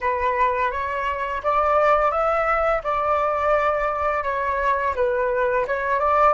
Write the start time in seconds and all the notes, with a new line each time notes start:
0.00 B4
0.71 C#5
1.43 D5
2.11 E5
2.83 D5
4.24 C#5
4.95 B4
5.67 C#5
5.99 D5